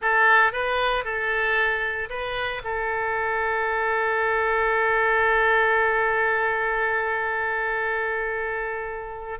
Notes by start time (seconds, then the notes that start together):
0.01 A4
0.52 B4
1.04 A4
2.09 B4
2.63 A4